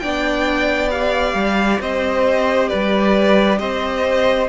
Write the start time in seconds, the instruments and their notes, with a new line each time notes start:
0.00 cello B3, viola D4, violin D5 G5
0.91 viola G4, violin F5
1.35 cello G3
1.81 cello C4, violin C5 D#5
2.69 cello G3, violin B4 D5
3.59 cello C4, violin C5 D#5